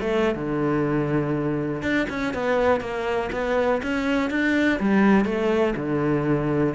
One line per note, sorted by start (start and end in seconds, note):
0.00 0.35 A3
0.35 1.82 D3
1.82 2.06 D4
2.09 2.34 C#4
2.34 2.81 B3
2.81 3.30 A#3
3.32 3.81 B3
3.82 4.30 C#4
4.30 4.79 D4
4.80 5.25 G3
5.25 5.74 A3
5.76 6.74 D3